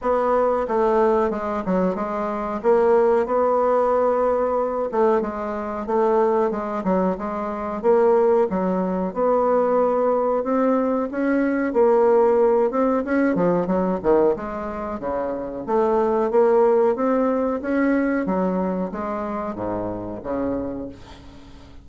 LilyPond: \new Staff \with { instrumentName = "bassoon" } { \time 4/4 \tempo 4 = 92 b4 a4 gis8 fis8 gis4 | ais4 b2~ b8 a8 | gis4 a4 gis8 fis8 gis4 | ais4 fis4 b2 |
c'4 cis'4 ais4. c'8 | cis'8 f8 fis8 dis8 gis4 cis4 | a4 ais4 c'4 cis'4 | fis4 gis4 gis,4 cis4 | }